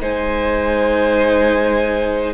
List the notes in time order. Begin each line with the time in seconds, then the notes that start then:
0.00 G#3 D#4 C5 G#5